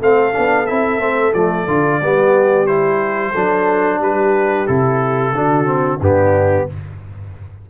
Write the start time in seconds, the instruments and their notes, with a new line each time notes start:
0.00 tuba A3, trombone C4, horn A4, trumpet F5
0.32 tuba B3, trombone D4
0.67 tuba C4, trombone E4, trumpet E5
0.99 tuba A3, trombone C4
1.34 tuba F3, trombone A3, trumpet D5
1.68 tuba D3, trombone F4
2.01 tuba G3, trombone B3, horn G4
2.67 trombone E4, trumpet C5
3.32 tuba F#3, trombone D4, horn A4
3.99 tuba G3, horn G4, trumpet B4
4.67 tuba C3, trombone E4, trumpet A4
5.33 tuba D3, trombone D4, horn F#4
5.65 trombone C4
5.99 tuba G2, trombone B3, horn D4, trumpet G4